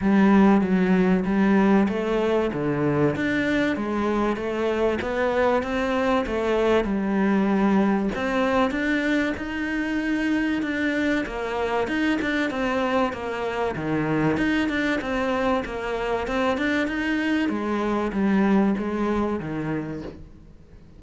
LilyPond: \new Staff \with { instrumentName = "cello" } { \time 4/4 \tempo 4 = 96 g4 fis4 g4 a4 | d4 d'4 gis4 a4 | b4 c'4 a4 g4~ | g4 c'4 d'4 dis'4~ |
dis'4 d'4 ais4 dis'8 d'8 | c'4 ais4 dis4 dis'8 d'8 | c'4 ais4 c'8 d'8 dis'4 | gis4 g4 gis4 dis4 | }